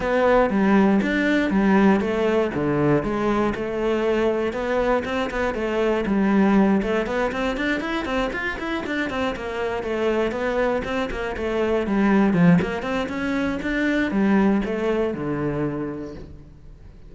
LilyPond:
\new Staff \with { instrumentName = "cello" } { \time 4/4 \tempo 4 = 119 b4 g4 d'4 g4 | a4 d4 gis4 a4~ | a4 b4 c'8 b8 a4 | g4. a8 b8 c'8 d'8 e'8 |
c'8 f'8 e'8 d'8 c'8 ais4 a8~ | a8 b4 c'8 ais8 a4 g8~ | g8 f8 ais8 c'8 cis'4 d'4 | g4 a4 d2 | }